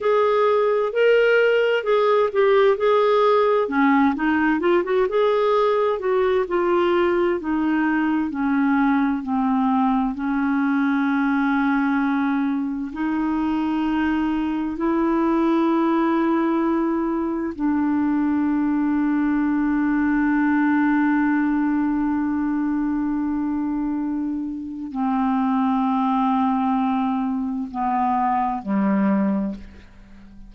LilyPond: \new Staff \with { instrumentName = "clarinet" } { \time 4/4 \tempo 4 = 65 gis'4 ais'4 gis'8 g'8 gis'4 | cis'8 dis'8 f'16 fis'16 gis'4 fis'8 f'4 | dis'4 cis'4 c'4 cis'4~ | cis'2 dis'2 |
e'2. d'4~ | d'1~ | d'2. c'4~ | c'2 b4 g4 | }